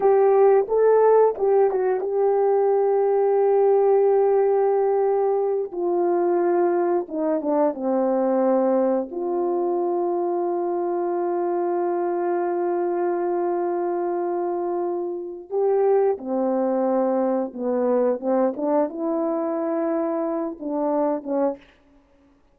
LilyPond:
\new Staff \with { instrumentName = "horn" } { \time 4/4 \tempo 4 = 89 g'4 a'4 g'8 fis'8 g'4~ | g'1~ | g'8 f'2 dis'8 d'8 c'8~ | c'4. f'2~ f'8~ |
f'1~ | f'2. g'4 | c'2 b4 c'8 d'8 | e'2~ e'8 d'4 cis'8 | }